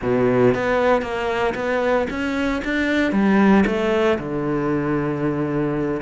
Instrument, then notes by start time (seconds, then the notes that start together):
cello
0.02 B2
0.54 B3
1.02 A#3
1.55 B3
2.09 C#4
2.64 D4
3.12 G3
3.66 A3
4.19 D3